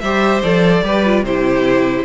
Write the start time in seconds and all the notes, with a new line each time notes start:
0.00 G3 G4 C5 E5
0.42 F3 A4 D5
0.82 G3 G4 B4
1.05 F4
1.22 C3 E4 G4 C5